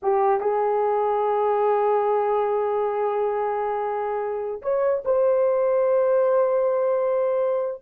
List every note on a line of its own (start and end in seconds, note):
0.02 0.40 G4
0.40 4.61 G#4
4.62 5.03 C#5
5.04 7.82 C5